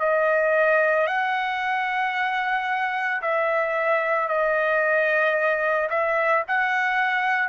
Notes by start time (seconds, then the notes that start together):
0.00 D#5
1.08 F#5
3.22 E5
4.29 D#5
5.90 E5
6.48 F#5